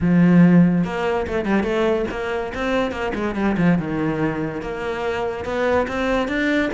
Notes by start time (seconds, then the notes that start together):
0.00 F3
0.84 A#3
1.27 A3
1.45 G3
1.63 A3
2.11 A#3
2.54 C4
2.91 A#3
3.14 G#3
3.35 G3
3.57 F3
3.78 D#3
4.61 A#3
5.44 B3
5.87 C4
6.28 D4